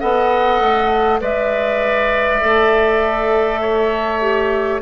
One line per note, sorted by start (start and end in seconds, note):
0.00 0.60 B3
0.00 1.20 A4
0.00 1.20 D#5
0.00 1.20 F#5
0.60 1.20 A3
1.20 2.41 G#3
1.20 2.40 B4
1.20 3.61 D5
1.20 4.82 E5
2.41 4.82 A3
2.41 4.21 A4
3.61 4.81 C#5
4.21 4.81 G4